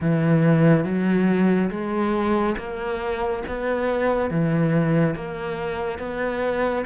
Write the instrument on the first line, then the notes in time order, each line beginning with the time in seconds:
cello
0.00 E3
0.84 F#3
1.70 G#3
2.57 A#3
3.47 B3
4.30 E3
5.15 A#3
5.98 B3